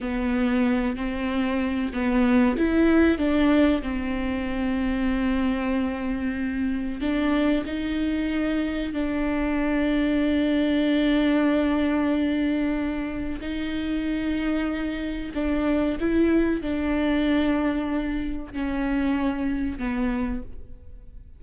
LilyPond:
\new Staff \with { instrumentName = "viola" } { \time 4/4 \tempo 4 = 94 b4. c'4. b4 | e'4 d'4 c'2~ | c'2. d'4 | dis'2 d'2~ |
d'1~ | d'4 dis'2. | d'4 e'4 d'2~ | d'4 cis'2 b4 | }